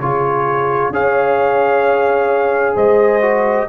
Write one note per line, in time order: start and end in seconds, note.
0.00 0.90 C#3
0.00 0.93 F4
0.00 0.93 G#4
0.00 0.92 C#5
0.90 2.74 C#4
0.90 3.22 G#4
0.90 2.76 C#5
0.90 2.77 F5
2.76 3.68 G#3
2.76 3.68 C5
2.76 3.69 D#5
3.22 3.68 F#4